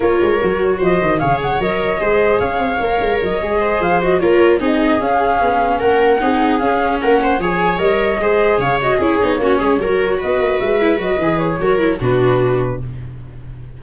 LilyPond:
<<
  \new Staff \with { instrumentName = "flute" } { \time 4/4 \tempo 4 = 150 cis''2 dis''4 f''8 fis''8 | dis''2 f''2 | dis''4. f''8 dis''8 cis''4 dis''8~ | dis''8 f''2 fis''4.~ |
fis''8 f''4 fis''4 gis''4 dis''8~ | dis''4. f''8 dis''8 cis''4.~ | cis''4. dis''4 e''4 dis''8~ | dis''8 cis''4. b'2 | }
  \new Staff \with { instrumentName = "viola" } { \time 4/4 ais'2 c''4 cis''4~ | cis''4 c''4 cis''2~ | cis''4 c''4. ais'4 gis'8~ | gis'2~ gis'8 ais'4 gis'8~ |
gis'4. ais'8 c''8 cis''4.~ | cis''8 c''4 cis''4 gis'4 fis'8 | gis'8 ais'4 b'2~ b'8~ | b'4 ais'4 fis'2 | }
  \new Staff \with { instrumentName = "viola" } { \time 4/4 f'4 fis'2 gis'4 | ais'4 gis'2 ais'4~ | ais'8 gis'4. fis'8 f'4 dis'8~ | dis'8 cis'2. dis'8~ |
dis'8 cis'2 gis'4 ais'8~ | ais'8 gis'4. fis'8 e'8 dis'8 cis'8~ | cis'8 fis'2~ fis'8 e'8 fis'8 | gis'4 fis'8 e'8 d'2 | }
  \new Staff \with { instrumentName = "tuba" } { \time 4/4 ais8 gis8 fis4 f8 dis8 cis4 | fis4 gis4 cis'8 c'8 ais8 gis8 | fis8 gis4 f4 ais4 c'8~ | c'8 cis'4 b4 ais4 c'8~ |
c'8 cis'4 ais4 f4 g8~ | g8 gis4 cis4 cis'8 b8 ais8 | gis8 fis4 b8 ais8 gis4 fis8 | e4 fis4 b,2 | }
>>